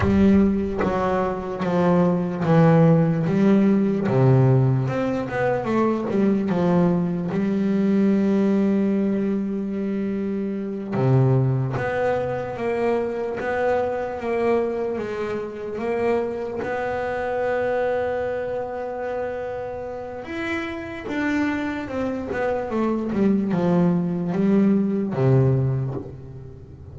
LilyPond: \new Staff \with { instrumentName = "double bass" } { \time 4/4 \tempo 4 = 74 g4 fis4 f4 e4 | g4 c4 c'8 b8 a8 g8 | f4 g2.~ | g4. c4 b4 ais8~ |
ais8 b4 ais4 gis4 ais8~ | ais8 b2.~ b8~ | b4 e'4 d'4 c'8 b8 | a8 g8 f4 g4 c4 | }